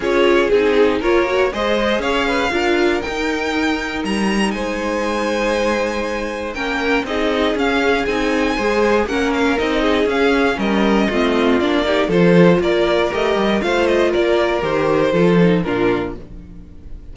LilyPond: <<
  \new Staff \with { instrumentName = "violin" } { \time 4/4 \tempo 4 = 119 cis''4 gis'4 cis''4 dis''4 | f''2 g''2 | ais''4 gis''2.~ | gis''4 g''4 dis''4 f''4 |
gis''2 fis''8 f''8 dis''4 | f''4 dis''2 d''4 | c''4 d''4 dis''4 f''8 dis''8 | d''4 c''2 ais'4 | }
  \new Staff \with { instrumentName = "violin" } { \time 4/4 gis'2 ais'4 c''4 | cis''8 b'8 ais'2.~ | ais'4 c''2.~ | c''4 ais'4 gis'2~ |
gis'4 c''4 ais'4. gis'8~ | gis'4 ais'4 f'4. g'8 | a'4 ais'2 c''4 | ais'2 a'4 f'4 | }
  \new Staff \with { instrumentName = "viola" } { \time 4/4 f'4 dis'4 f'8 fis'8 gis'4~ | gis'4 f'4 dis'2~ | dis'1~ | dis'4 cis'4 dis'4 cis'4 |
dis'4 gis'4 cis'4 dis'4 | cis'2 c'4 d'8 dis'8 | f'2 g'4 f'4~ | f'4 g'4 f'8 dis'8 d'4 | }
  \new Staff \with { instrumentName = "cello" } { \time 4/4 cis'4 c'4 ais4 gis4 | cis'4 d'4 dis'2 | g4 gis2.~ | gis4 ais4 c'4 cis'4 |
c'4 gis4 ais4 c'4 | cis'4 g4 a4 ais4 | f4 ais4 a8 g8 a4 | ais4 dis4 f4 ais,4 | }
>>